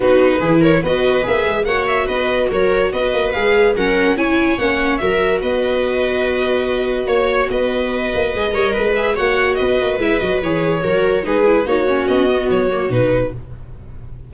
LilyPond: <<
  \new Staff \with { instrumentName = "violin" } { \time 4/4 \tempo 4 = 144 b'4. cis''8 dis''4 e''4 | fis''8 e''8 dis''4 cis''4 dis''4 | f''4 fis''4 gis''4 fis''4 | e''4 dis''2.~ |
dis''4 cis''4 dis''2~ | dis''4. e''8 fis''4 dis''4 | e''8 dis''8 cis''2 b'4 | cis''4 dis''4 cis''4 b'4 | }
  \new Staff \with { instrumentName = "viola" } { \time 4/4 fis'4 gis'8 ais'8 b'2 | cis''4 b'4 ais'4 b'4~ | b'4 ais'4 cis''2 | ais'4 b'2.~ |
b'4 cis''4 b'2~ | b'8 cis''8 b'4 cis''4 b'4~ | b'2 ais'4 gis'4 | fis'1 | }
  \new Staff \with { instrumentName = "viola" } { \time 4/4 dis'4 e'4 fis'4 gis'4 | fis'1 | gis'4 cis'4 e'4 cis'4 | fis'1~ |
fis'1 | gis'8 ais'4 gis'8 fis'2 | e'8 fis'8 gis'4 fis'4 dis'8 e'8 | dis'8 cis'4 b4 ais8 dis'4 | }
  \new Staff \with { instrumentName = "tuba" } { \time 4/4 b4 e4 b4 ais8 gis8 | ais4 b4 fis4 b8 ais8 | gis4 fis4 cis'4 ais4 | fis4 b2.~ |
b4 ais4 b4. ais8 | gis8 g8 gis4 ais4 b8 ais8 | gis8 fis8 e4 fis4 gis4 | ais4 b4 fis4 b,4 | }
>>